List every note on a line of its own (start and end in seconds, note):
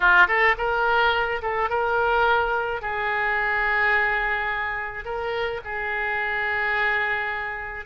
0.00 0.27 F4
0.27 0.55 A4
0.57 1.41 A#4
1.42 1.69 A4
1.69 2.81 A#4
2.81 5.04 G#4
5.04 5.60 A#4
5.64 7.85 G#4